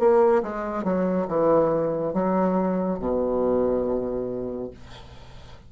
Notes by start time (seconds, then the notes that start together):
0.00 A#3
0.43 G#3
0.84 F#3
1.28 E3
2.14 F#3
2.99 B2